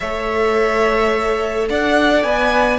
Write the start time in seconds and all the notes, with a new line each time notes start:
0.00 A3 A4 C#5 E5
1.69 D4 D5 F#5
2.23 B3 B4 G#5